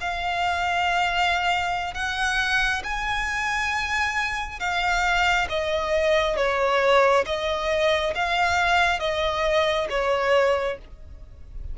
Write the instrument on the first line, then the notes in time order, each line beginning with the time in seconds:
violin
0.00 F5
1.94 F#5
2.84 G#5
4.59 F5
5.49 D#5
6.36 C#5
7.26 D#5
8.15 F5
8.99 D#5
9.89 C#5